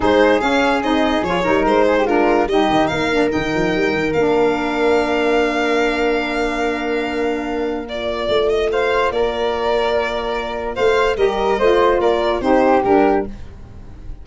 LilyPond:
<<
  \new Staff \with { instrumentName = "violin" } { \time 4/4 \tempo 4 = 145 c''4 f''4 dis''4 cis''4 | c''4 ais'4 dis''4 f''4 | g''2 f''2~ | f''1~ |
f''2. d''4~ | d''8 dis''8 f''4 d''2~ | d''2 f''4 dis''4~ | dis''4 d''4 c''4 ais'4 | }
  \new Staff \with { instrumentName = "flute" } { \time 4/4 gis'2.~ gis'8 ais'8~ | ais'8 gis'16 g'16 f'4 g'4 ais'4~ | ais'1~ | ais'1~ |
ais'1~ | ais'4 c''4 ais'2~ | ais'2 c''4 ais'4 | c''4 ais'4 g'2 | }
  \new Staff \with { instrumentName = "saxophone" } { \time 4/4 dis'4 cis'4 dis'4 f'8 dis'8~ | dis'4 d'4 dis'4. d'8 | dis'2 d'2~ | d'1~ |
d'2. f'4~ | f'1~ | f'2. g'4 | f'2 dis'4 d'4 | }
  \new Staff \with { instrumentName = "tuba" } { \time 4/4 gis4 cis'4 c'4 f8 g8 | gis2 g8 dis8 ais4 | dis8 f8 g8 dis8 ais2~ | ais1~ |
ais1 | a2 ais2~ | ais2 a4 g4 | a4 ais4 c'4 g4 | }
>>